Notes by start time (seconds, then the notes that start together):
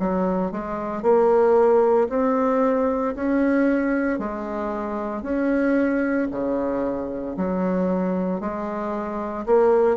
0.00 F#3
0.52 G#3
1.03 A#3
2.10 C4
3.16 C#4
4.19 G#3
5.23 C#4
6.32 C#3
7.37 F#3
8.41 G#3
9.46 A#3